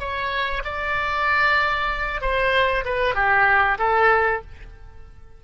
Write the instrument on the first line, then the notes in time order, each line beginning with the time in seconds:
oboe
0.00 C#5
0.65 D5
2.21 C5
2.85 B4
3.15 G4
3.79 A4